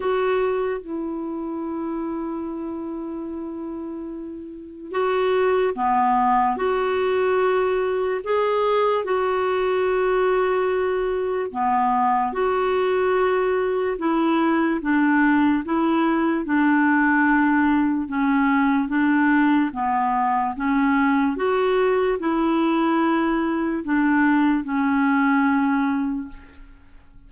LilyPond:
\new Staff \with { instrumentName = "clarinet" } { \time 4/4 \tempo 4 = 73 fis'4 e'2.~ | e'2 fis'4 b4 | fis'2 gis'4 fis'4~ | fis'2 b4 fis'4~ |
fis'4 e'4 d'4 e'4 | d'2 cis'4 d'4 | b4 cis'4 fis'4 e'4~ | e'4 d'4 cis'2 | }